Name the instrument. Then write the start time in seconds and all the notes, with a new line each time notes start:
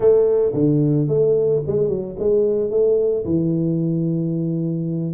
tuba
0.00 A3
0.53 D3
1.07 A3
1.66 G#3
1.88 F#3
2.18 G#3
2.70 A3
3.24 E3